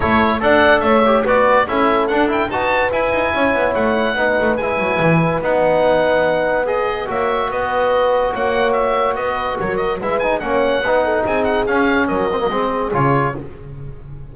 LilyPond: <<
  \new Staff \with { instrumentName = "oboe" } { \time 4/4 \tempo 4 = 144 cis''4 fis''4 e''4 d''4 | e''4 fis''8 g''8 a''4 gis''4~ | gis''4 fis''2 gis''4~ | gis''4 fis''2. |
dis''4 e''4 dis''2 | fis''4 e''4 dis''4 cis''8 dis''8 | e''8 gis''8 fis''2 gis''8 fis''8 | f''4 dis''2 cis''4 | }
  \new Staff \with { instrumentName = "horn" } { \time 4/4 a'4 d''4 cis''4 b'4 | a'2 b'2 | cis''2 b'2~ | b'1~ |
b'4 cis''4 b'2 | cis''2 b'4 ais'4 | b'4 cis''4 b'8 a'8 gis'4~ | gis'4 ais'4 gis'2 | }
  \new Staff \with { instrumentName = "trombone" } { \time 4/4 e'4 a'4. g'8 fis'4 | e'4 d'8 e'8 fis'4 e'4~ | e'2 dis'4 e'4~ | e'4 dis'2. |
gis'4 fis'2.~ | fis'1 | e'8 dis'8 cis'4 dis'2 | cis'4. c'16 ais16 c'4 f'4 | }
  \new Staff \with { instrumentName = "double bass" } { \time 4/4 a4 d'4 a4 b4 | cis'4 d'4 dis'4 e'8 dis'8 | cis'8 b8 a4 b8 a8 gis8 fis8 | e4 b2.~ |
b4 ais4 b2 | ais2 b4 fis4 | gis4 ais4 b4 c'4 | cis'4 fis4 gis4 cis4 | }
>>